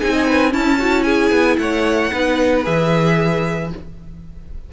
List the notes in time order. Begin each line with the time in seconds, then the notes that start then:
0.00 C4 D#4 G#4 G#5
0.13 D#5
0.28 B4
0.52 C#4 E4 A5
0.79 E4 F#4
1.03 G#4 G#5
1.31 B3
1.58 A3 C#5 F#5
2.12 B3 D#4 B4
2.63 E3 G#4 E5